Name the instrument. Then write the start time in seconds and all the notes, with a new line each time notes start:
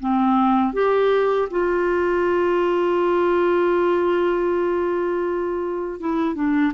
clarinet
0.00 C4
0.73 G4
1.50 F4
6.00 E4
6.35 D4